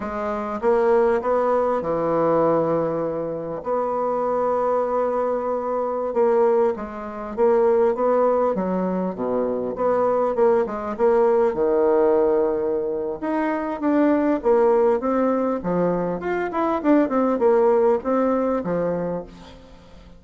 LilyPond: \new Staff \with { instrumentName = "bassoon" } { \time 4/4 \tempo 4 = 100 gis4 ais4 b4 e4~ | e2 b2~ | b2~ b16 ais4 gis8.~ | gis16 ais4 b4 fis4 b,8.~ |
b,16 b4 ais8 gis8 ais4 dis8.~ | dis2 dis'4 d'4 | ais4 c'4 f4 f'8 e'8 | d'8 c'8 ais4 c'4 f4 | }